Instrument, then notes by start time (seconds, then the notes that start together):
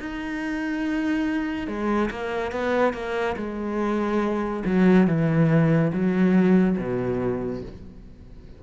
cello
0.00 D#4
1.68 G#3
2.10 A#3
2.52 B3
2.93 A#3
3.37 G#3
4.65 F#3
5.07 E3
5.93 F#3
6.78 B2